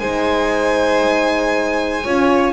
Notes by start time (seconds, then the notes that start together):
0.00 G#3 D#4 C5 G#5
2.04 C#4 F4 C#5